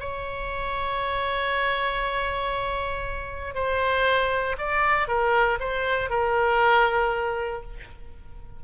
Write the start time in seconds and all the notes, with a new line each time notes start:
0.00 C#5
3.55 C5
4.58 D5
5.08 A#4
5.60 C5
6.10 A#4